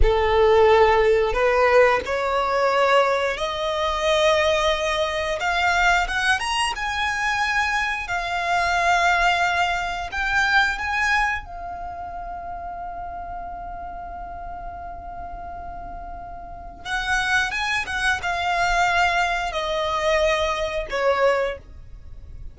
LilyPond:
\new Staff \with { instrumentName = "violin" } { \time 4/4 \tempo 4 = 89 a'2 b'4 cis''4~ | cis''4 dis''2. | f''4 fis''8 ais''8 gis''2 | f''2. g''4 |
gis''4 f''2.~ | f''1~ | f''4 fis''4 gis''8 fis''8 f''4~ | f''4 dis''2 cis''4 | }